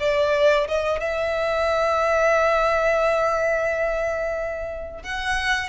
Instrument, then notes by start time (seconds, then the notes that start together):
violin
0.00 D5
0.68 D#5
1.00 E5
5.03 F#5